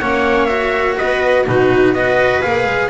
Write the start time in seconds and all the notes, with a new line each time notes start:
0.00 A#3 C#4 C#5 F#5
0.46 F#4 E5
0.98 B3 B4 D#5
1.47 B2 D#4 F#4 B4
1.94 B3 F#4 B4 D#5
2.42 A#3 G#4 F5
2.66 G#3